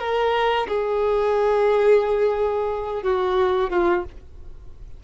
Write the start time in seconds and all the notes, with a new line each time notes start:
0.00 A#4
0.68 G#4
3.03 F#4
3.70 F4